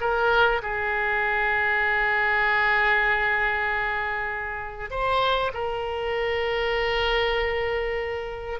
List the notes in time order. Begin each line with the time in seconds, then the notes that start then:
0.00 A#4
0.62 G#4
4.90 C5
5.53 A#4